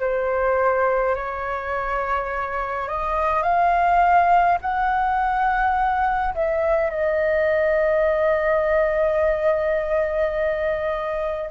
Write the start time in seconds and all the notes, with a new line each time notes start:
0.00 C5
1.15 C#5
2.88 D#5
3.43 F5
4.61 F#5
6.35 E5
6.90 D#5